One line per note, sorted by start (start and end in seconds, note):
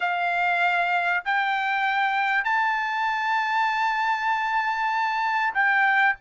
0.00 1.23 F5
1.24 2.44 G5
2.44 5.53 A5
5.54 6.15 G5